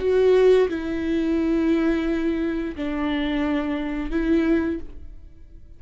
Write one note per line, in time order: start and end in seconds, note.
0.00 0.69 F#4
0.69 2.76 E4
2.76 4.11 D4
4.11 4.80 E4